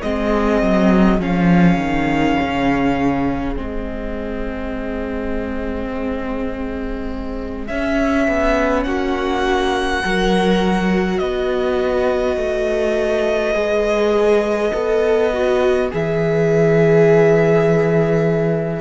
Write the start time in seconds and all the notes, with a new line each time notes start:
0.00 G#3 C4 G#4 D#5
0.62 F#3
1.19 F3 C#4 F5
1.77 D#3
2.41 C#3
3.56 G#3 C4 D#5
7.67 C#4 E5
8.28 B3
8.83 A#3 F#4 F#5
10.04 F#3 F#4 A#4
11.19 B3 B4 D#5
12.37 A3
13.54 G#3 G#4
14.74 B3 A4
15.33 F#4
15.91 E3 G#4 E5